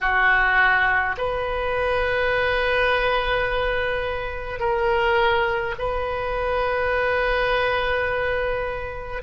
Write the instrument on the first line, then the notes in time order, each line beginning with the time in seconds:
oboe
0.00 F#4
1.17 B4
4.59 A#4
5.78 B4